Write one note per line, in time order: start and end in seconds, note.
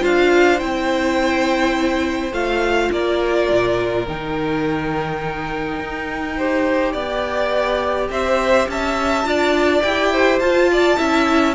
0.00 0.62 D4
0.00 0.58 F4
0.00 2.91 C5
0.00 0.60 F5
0.59 2.32 C4
0.59 2.32 E4
0.59 2.33 G5
2.32 2.90 A3
2.32 4.06 F4
2.32 2.92 F5
2.92 3.50 A#3
2.92 6.37 A#4
2.92 4.08 D5
3.51 4.08 A#2
4.08 5.79 D#3
4.08 6.39 D#4
4.08 8.11 G5
5.79 6.94 D#4
6.37 9.25 G4
6.37 6.93 C5
6.93 8.10 B3
6.93 8.09 D5
8.10 8.68 C4
8.10 8.70 C5
8.10 8.69 E5
8.69 9.25 C#4
8.69 9.28 E5
8.69 9.82 A5
9.25 9.82 D4
9.25 9.83 F4
9.25 10.13 D5
9.82 10.40 E4
9.82 10.41 G4
9.82 10.40 G5
10.13 10.71 C5
10.40 10.98 F4
10.40 10.97 F4
10.40 11.55 A5
10.72 10.98 D5
10.97 11.55 C#4
10.97 11.55 E4
10.97 11.55 E5